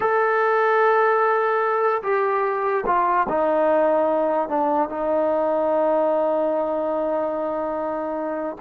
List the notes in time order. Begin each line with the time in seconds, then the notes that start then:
0.00 A4
2.02 G4
2.86 F4
3.29 D#4
4.48 D4
4.89 D#4